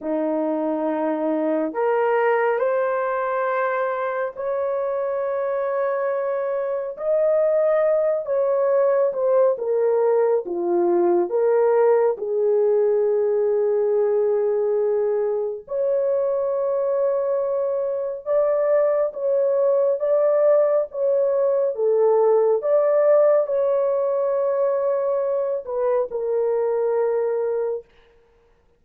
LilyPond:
\new Staff \with { instrumentName = "horn" } { \time 4/4 \tempo 4 = 69 dis'2 ais'4 c''4~ | c''4 cis''2. | dis''4. cis''4 c''8 ais'4 | f'4 ais'4 gis'2~ |
gis'2 cis''2~ | cis''4 d''4 cis''4 d''4 | cis''4 a'4 d''4 cis''4~ | cis''4. b'8 ais'2 | }